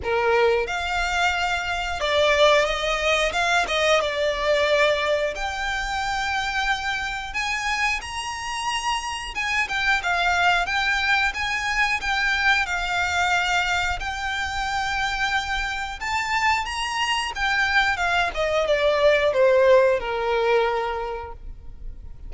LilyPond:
\new Staff \with { instrumentName = "violin" } { \time 4/4 \tempo 4 = 90 ais'4 f''2 d''4 | dis''4 f''8 dis''8 d''2 | g''2. gis''4 | ais''2 gis''8 g''8 f''4 |
g''4 gis''4 g''4 f''4~ | f''4 g''2. | a''4 ais''4 g''4 f''8 dis''8 | d''4 c''4 ais'2 | }